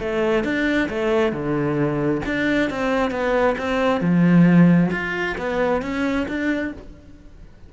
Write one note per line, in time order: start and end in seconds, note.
0.00 0.44 A3
0.44 0.89 D4
0.90 1.33 A3
1.33 2.22 D3
2.26 2.70 D4
2.70 3.11 C4
3.11 3.56 B3
3.58 4.01 C4
4.01 4.91 F3
4.92 5.36 F4
5.38 5.82 B3
5.82 6.27 C#4
6.28 6.73 D4